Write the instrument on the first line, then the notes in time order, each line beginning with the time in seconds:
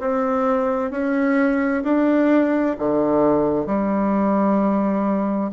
bassoon
0.00 C4
0.91 C#4
1.83 D4
2.78 D3
3.66 G3